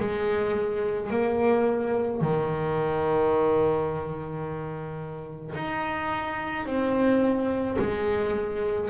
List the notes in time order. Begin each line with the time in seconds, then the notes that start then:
0.00 G#3
1.11 A#3
2.22 D#3
5.56 D#4
6.66 C4
7.79 G#3